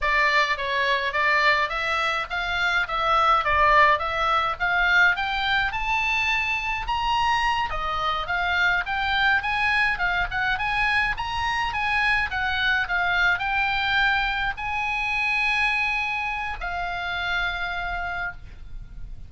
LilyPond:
\new Staff \with { instrumentName = "oboe" } { \time 4/4 \tempo 4 = 105 d''4 cis''4 d''4 e''4 | f''4 e''4 d''4 e''4 | f''4 g''4 a''2 | ais''4. dis''4 f''4 g''8~ |
g''8 gis''4 f''8 fis''8 gis''4 ais''8~ | ais''8 gis''4 fis''4 f''4 g''8~ | g''4. gis''2~ gis''8~ | gis''4 f''2. | }